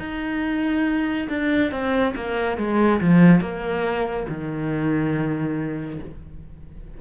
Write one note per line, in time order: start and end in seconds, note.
0.00 1.29 D#4
1.29 1.72 D4
1.72 2.15 C4
2.16 2.58 A#3
2.58 3.01 G#3
3.01 3.41 F3
3.41 4.27 A#3
4.29 6.00 D#3